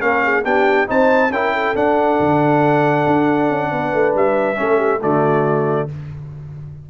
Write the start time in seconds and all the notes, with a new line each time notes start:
0.00 A#3 C#4 A#4 F5
0.24 G#4
0.44 B3 D4 G4 G5
0.87 C4 D#4 C5 A5
1.30 C#4 E4 A#4 G5
1.53 A4
1.75 D4 F#5
2.19 D3
3.07 D4
3.50 C#4
3.71 B3 B4
3.93 A3
4.15 G3 E5
4.56 A3 C#4 A4
4.76 G4
5.01 D3 A3 F#4 D5